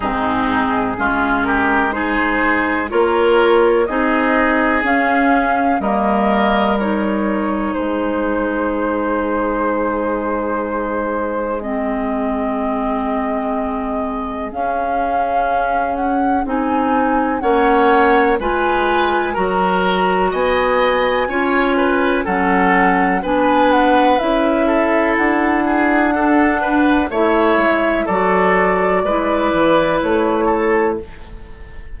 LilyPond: <<
  \new Staff \with { instrumentName = "flute" } { \time 4/4 \tempo 4 = 62 gis'4. ais'8 c''4 cis''4 | dis''4 f''4 dis''4 cis''4 | c''1 | dis''2. f''4~ |
f''8 fis''8 gis''4 fis''4 gis''4 | ais''4 gis''2 fis''4 | gis''8 fis''8 e''4 fis''2 | e''4 d''2 cis''4 | }
  \new Staff \with { instrumentName = "oboe" } { \time 4/4 dis'4 f'8 g'8 gis'4 ais'4 | gis'2 ais'2 | gis'1~ | gis'1~ |
gis'2 cis''4 b'4 | ais'4 dis''4 cis''8 b'8 a'4 | b'4. a'4 gis'8 a'8 b'8 | cis''4 a'4 b'4. a'8 | }
  \new Staff \with { instrumentName = "clarinet" } { \time 4/4 c'4 cis'4 dis'4 f'4 | dis'4 cis'4 ais4 dis'4~ | dis'1 | c'2. cis'4~ |
cis'4 dis'4 cis'4 f'4 | fis'2 f'4 cis'4 | d'4 e'2 d'4 | e'4 fis'4 e'2 | }
  \new Staff \with { instrumentName = "bassoon" } { \time 4/4 gis,4 gis2 ais4 | c'4 cis'4 g2 | gis1~ | gis2. cis'4~ |
cis'4 c'4 ais4 gis4 | fis4 b4 cis'4 fis4 | b4 cis'4 d'2 | a8 gis8 fis4 gis8 e8 a4 | }
>>